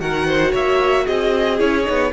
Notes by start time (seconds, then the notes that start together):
0.00 D#3 F#4 A#4 F#5
0.27 C5
0.52 A#3 C#5 E5
1.05 C4 G#4 D#5
1.59 C#4 E4 C#5
1.84 B3 D#4